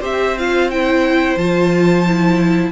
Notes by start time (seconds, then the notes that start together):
0.00 C4 G4 C5 E5
0.38 F4 F5
0.70 E4 G5
1.36 F3 F4 A5
2.07 E4